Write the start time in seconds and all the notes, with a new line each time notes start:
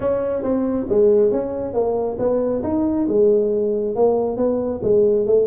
0.00 C#4
0.43 C4
0.89 G#3
1.31 C#4
1.73 A#3
2.19 B3
2.63 D#4
3.08 G#3
3.95 A#3
4.37 B3
4.83 G#3
5.26 A3